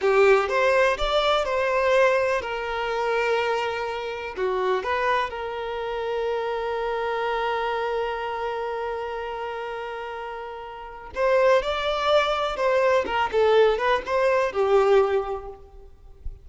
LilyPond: \new Staff \with { instrumentName = "violin" } { \time 4/4 \tempo 4 = 124 g'4 c''4 d''4 c''4~ | c''4 ais'2.~ | ais'4 fis'4 b'4 ais'4~ | ais'1~ |
ais'1~ | ais'2. c''4 | d''2 c''4 ais'8 a'8~ | a'8 b'8 c''4 g'2 | }